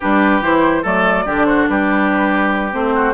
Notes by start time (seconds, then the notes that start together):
0.00 G3 D4 G4 B4
0.41 E3 E4 C5
0.82 F#3 A3 A4 D5
1.25 D3 D4 G4
1.45 F#4 C5
1.68 G3 G4 B4
2.72 A3 C4 C5
2.94 F#4